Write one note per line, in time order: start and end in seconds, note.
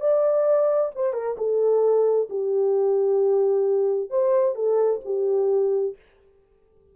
0.00 0.91 D5
0.95 1.13 C5
1.13 1.36 A#4
1.37 2.28 A4
2.29 4.10 G4
4.10 4.55 C5
4.55 5.00 A4
5.04 5.95 G4